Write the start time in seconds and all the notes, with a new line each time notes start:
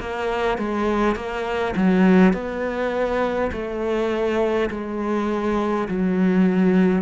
0.00 A#3
0.58 G#3
1.16 A#3
1.76 F#3
2.33 B3
3.52 A3
4.70 G#3
5.88 F#3